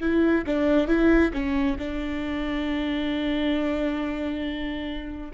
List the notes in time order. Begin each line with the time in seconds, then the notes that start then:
0.00 E4
0.46 D4
0.87 E4
1.33 C#4
1.78 D4